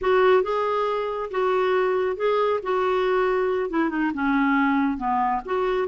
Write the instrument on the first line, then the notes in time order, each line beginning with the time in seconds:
clarinet
0.01 F#4
0.42 G#4
1.30 F#4
2.16 G#4
2.62 F#4
3.70 E4
3.89 D#4
4.13 C#4
4.97 B3
5.45 F#4